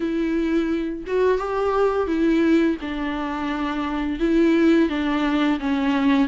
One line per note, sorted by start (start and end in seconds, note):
0.00 1.04 E4
1.07 1.38 F#4
1.38 2.07 G4
2.07 2.77 E4
2.81 4.19 D4
4.19 4.89 E4
4.89 5.59 D4
5.59 6.28 C#4